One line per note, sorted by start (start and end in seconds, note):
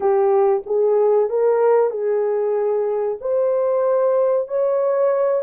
0.00 0.62 G4
0.66 1.29 G#4
1.29 1.90 A#4
1.90 3.17 G#4
3.20 4.48 C5
4.48 5.42 C#5